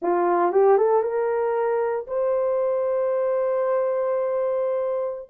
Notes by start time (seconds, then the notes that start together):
0.02 F4
0.51 G4
0.77 A4
1.02 A#4
2.07 C5